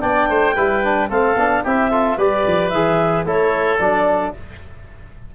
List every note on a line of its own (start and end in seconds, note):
0.00 0.30 B3
0.00 0.54 D4
0.00 0.29 D5
0.00 1.09 G5
0.30 0.57 A3
0.30 0.56 C5
0.56 1.11 G3
0.56 0.84 E4
0.56 1.10 B4
0.84 1.10 D4
1.10 1.36 A3
1.10 1.37 C4
1.10 1.64 A4
1.10 1.65 F5
1.36 1.63 B3
1.36 1.66 D4
1.64 2.18 C4
1.64 1.92 E4
1.64 1.91 G4
1.64 2.19 E5
1.91 2.19 F4
1.91 2.17 A4
2.17 2.45 G3
2.17 2.73 G4
2.17 3.26 B4
2.17 2.70 D5
2.47 2.72 F3
2.70 3.26 E3
2.70 3.26 G#4
2.70 3.24 E5
3.26 3.80 A3
3.26 3.80 E4
3.26 4.35 A4
3.26 3.79 C#5
3.79 4.34 F#3
3.79 4.35 D4
3.79 4.33 D5